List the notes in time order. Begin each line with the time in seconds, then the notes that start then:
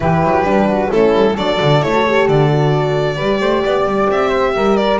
0.00 E3 E4 G4 B4
0.23 F#3
0.43 G3 D4
0.67 F#4
0.90 A3 C#4 E4 A4
1.13 G3
1.33 F#3 D4 A4 D5
1.58 D3 F#4
1.81 A3 E4 C#5
1.93 F#4
2.06 G4
2.28 D3 D5
2.50 F#4
3.15 G3 G4 B4
3.40 A3 C5
3.64 B3 D5
3.84 G3
4.09 C4 E5
4.28 C5
4.55 G3 A#4
4.76 D5